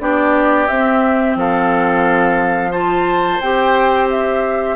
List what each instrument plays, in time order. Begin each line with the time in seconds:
0.00 bassoon B3, clarinet D4, oboe G4, flute D5
0.68 bassoon C4, clarinet C4, flute E5
1.36 bassoon F3, oboe A4, flute F5
2.71 clarinet F4, oboe C5, flute A5
3.41 bassoon C4, clarinet G4, flute G5
4.10 flute E5